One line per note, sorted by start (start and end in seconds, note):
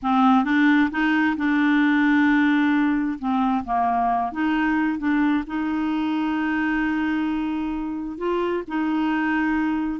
0.02 0.44 C4
0.44 0.89 D4
0.90 1.36 D#4
1.36 3.18 D4
3.18 3.64 C4
3.64 4.32 A#3
4.32 4.98 D#4
4.98 5.44 D4
5.46 8.17 D#4
8.17 8.63 F4
8.67 10.00 D#4